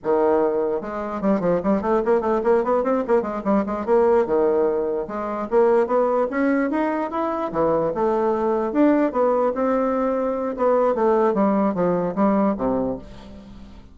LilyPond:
\new Staff \with { instrumentName = "bassoon" } { \time 4/4 \tempo 4 = 148 dis2 gis4 g8 f8 | g8 a8 ais8 a8 ais8 b8 c'8 ais8 | gis8 g8 gis8 ais4 dis4.~ | dis8 gis4 ais4 b4 cis'8~ |
cis'8 dis'4 e'4 e4 a8~ | a4. d'4 b4 c'8~ | c'2 b4 a4 | g4 f4 g4 c4 | }